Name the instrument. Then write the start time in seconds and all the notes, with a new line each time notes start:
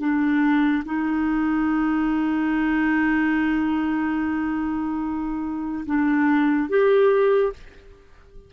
clarinet
0.00 D4
0.85 D#4
5.86 D4
6.70 G4